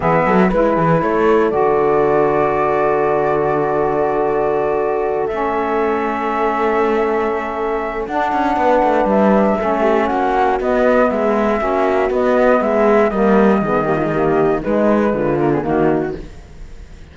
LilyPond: <<
  \new Staff \with { instrumentName = "flute" } { \time 4/4 \tempo 4 = 119 e''4 b'4 cis''4 d''4~ | d''1~ | d''2~ d''8 e''4.~ | e''1 |
fis''2 e''2 | fis''4 dis''4 e''2 | dis''4 e''4 dis''2~ | dis''4 b'4. ais'16 gis'16 fis'4 | }
  \new Staff \with { instrumentName = "horn" } { \time 4/4 gis'8 a'8 b'8 gis'8 a'2~ | a'1~ | a'1~ | a'1~ |
a'4 b'2 a'8 g'8 | fis'2 gis'4 fis'4~ | fis'4 gis'4 ais'4 gis'8 g'16 f'16 | g'4 dis'4 f'4 dis'4 | }
  \new Staff \with { instrumentName = "saxophone" } { \time 4/4 b4 e'2 fis'4~ | fis'1~ | fis'2~ fis'8 cis'4.~ | cis'1 |
d'2. cis'4~ | cis'4 b2 cis'4 | b2 ais4 b8 ais16 gis16 | ais4 gis4. ais16 b16 ais4 | }
  \new Staff \with { instrumentName = "cello" } { \time 4/4 e8 fis8 gis8 e8 a4 d4~ | d1~ | d2~ d8 a4.~ | a1 |
d'8 cis'8 b8 a8 g4 a4 | ais4 b4 gis4 ais4 | b4 gis4 g4 dis4~ | dis4 gis4 d4 dis4 | }
>>